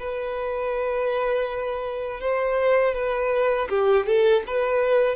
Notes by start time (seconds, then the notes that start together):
0.00 B4
2.21 C5
2.95 B4
3.70 G4
4.07 A4
4.47 B4